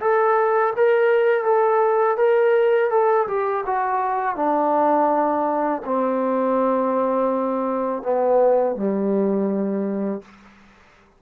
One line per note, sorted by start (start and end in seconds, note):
0.00 0.73 A4
0.76 1.44 A#4
1.44 2.17 A4
2.17 2.90 A#4
2.90 3.27 A4
3.27 3.64 G4
3.66 4.36 F#4
4.36 5.82 D4
5.85 8.03 C4
8.03 8.75 B3
8.75 10.22 G3